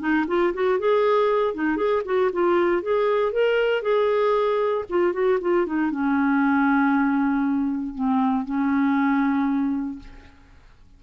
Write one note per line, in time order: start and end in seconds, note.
0.00 0.26 D#4
0.28 0.53 F4
0.54 0.79 F#4
0.79 1.54 G#4
1.54 1.77 D#4
1.77 2.02 G#4
2.05 2.31 F#4
2.33 2.82 F4
2.82 3.32 G#4
3.32 3.83 A#4
3.83 4.85 G#4
4.90 5.14 F4
5.14 5.39 F#4
5.41 5.66 F4
5.66 5.91 D#4
5.91 7.95 C#4
7.95 8.45 C4
8.45 9.99 C#4